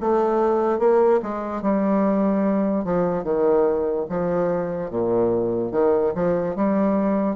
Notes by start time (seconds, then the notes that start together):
0.00 A3
0.79 A#3
1.23 G#3
1.62 G3
2.84 F3
3.24 D#3
4.09 F3
4.90 A#2
5.71 D#3
6.15 F3
6.55 G3